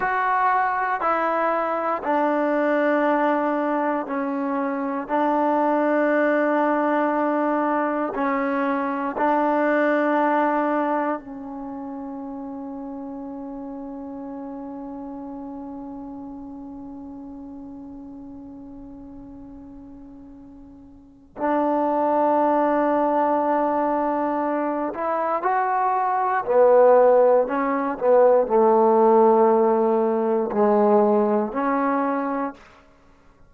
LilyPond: \new Staff \with { instrumentName = "trombone" } { \time 4/4 \tempo 4 = 59 fis'4 e'4 d'2 | cis'4 d'2. | cis'4 d'2 cis'4~ | cis'1~ |
cis'1~ | cis'4 d'2.~ | d'8 e'8 fis'4 b4 cis'8 b8 | a2 gis4 cis'4 | }